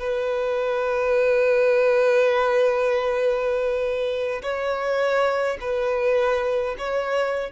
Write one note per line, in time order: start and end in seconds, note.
0.00 4.42 B4
4.43 5.58 C#5
5.61 6.76 B4
6.79 7.52 C#5